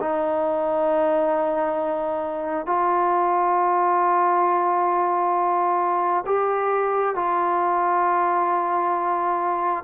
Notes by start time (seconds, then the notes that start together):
0.00 D#4
2.66 F4
6.26 G4
7.15 F4